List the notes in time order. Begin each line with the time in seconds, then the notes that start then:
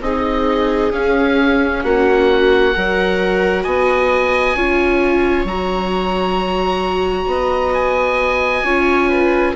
0.00 C4 D#4 G#4 D#5
0.91 C#4 F5
1.83 A#3 F#4 F#5
2.74 F#3 F#4 A#4
3.63 B3 D#5 G#5
4.55 C#4 F4 C#5
5.44 F#3 F#4 A#5
7.26 B3 D#5
7.74 G#5
8.63 C#4 F4 C#5
9.09 B4